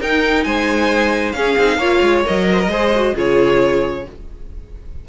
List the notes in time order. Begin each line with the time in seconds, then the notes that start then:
0.00 D#4 A#4 G5
0.44 G#3 C5 G#5
1.32 C#4 G#4 F5
1.58 C4 D#4
1.77 A#3 F4 C#5
2.02 G#3
2.25 F#3 A#4 D#5
2.52 C5
2.60 A#4
2.68 G#3 G#4 C5
2.95 F#4
3.15 C#3 F4 G#4 C#5